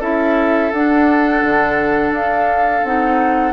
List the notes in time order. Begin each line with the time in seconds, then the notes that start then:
0.00 C#4 E4 A4 E5
0.71 D4 F#5
1.43 D3
2.11 D4 F5
2.84 C4 D#4 F#5